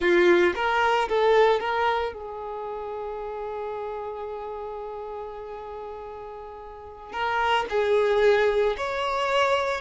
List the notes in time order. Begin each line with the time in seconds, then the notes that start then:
0.00 F4
0.55 A#4
1.08 A4
1.60 A#4
2.13 G#4
7.12 A#4
7.69 G#4
8.77 C#5